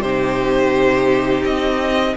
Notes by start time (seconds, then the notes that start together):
0.00 C3 D#4 G4 C5
1.44 C4 D#5